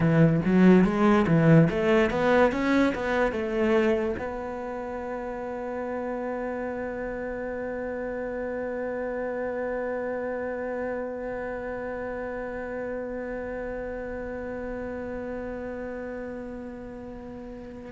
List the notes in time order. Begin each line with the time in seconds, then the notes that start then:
0.00 E3
0.45 F#3
0.84 G#3
1.27 E3
1.70 A3
2.10 B3
2.52 C#4
2.94 B3
3.32 A3
4.18 B3